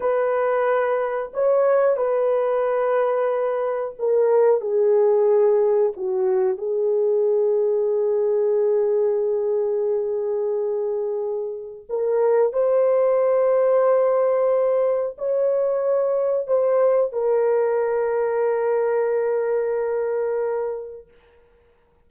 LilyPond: \new Staff \with { instrumentName = "horn" } { \time 4/4 \tempo 4 = 91 b'2 cis''4 b'4~ | b'2 ais'4 gis'4~ | gis'4 fis'4 gis'2~ | gis'1~ |
gis'2 ais'4 c''4~ | c''2. cis''4~ | cis''4 c''4 ais'2~ | ais'1 | }